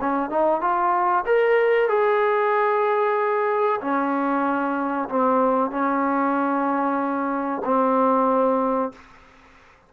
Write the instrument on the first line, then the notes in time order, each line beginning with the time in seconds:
trombone
0.00 C#4
0.30 D#4
0.61 F4
1.26 A#4
1.89 G#4
3.81 C#4
5.09 C4
5.71 C#4
7.64 C4